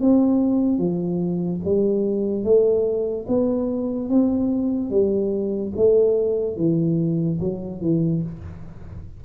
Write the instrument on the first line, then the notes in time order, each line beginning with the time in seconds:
tuba
0.00 C4
0.78 F3
1.64 G3
2.44 A3
3.28 B3
4.09 C4
4.91 G3
5.76 A3
6.57 E3
7.40 F#3
7.81 E3